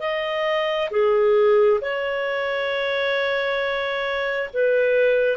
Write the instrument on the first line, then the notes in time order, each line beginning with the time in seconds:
clarinet
0.00 D#5
0.90 G#4
1.81 C#5
4.53 B4